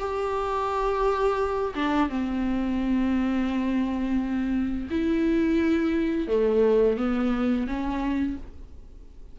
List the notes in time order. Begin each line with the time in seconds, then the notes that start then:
0.00 G4
1.75 D4
2.10 C4
4.91 E4
6.28 A3
6.98 B3
7.67 C#4